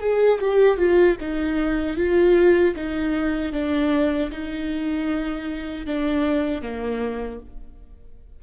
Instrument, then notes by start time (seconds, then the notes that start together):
viola
0.00 G#4
0.40 G4
0.77 F4
1.20 D#4
1.97 F4
2.75 D#4
3.52 D4
4.31 D#4
5.86 D4
6.62 A#3